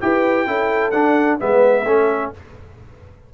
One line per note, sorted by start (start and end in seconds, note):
0.00 0.46 E4
0.00 0.46 G4
0.00 0.46 B4
0.00 0.90 G5
0.46 0.92 C#4
0.46 0.92 E4
0.46 1.39 A4
0.90 1.38 D4
0.90 1.39 D4
0.90 1.37 F#5
1.39 1.85 G#3
1.39 1.85 B3
1.39 1.84 B4
1.39 2.32 E5
1.84 2.31 A3
1.84 2.33 C#4
1.84 2.30 A4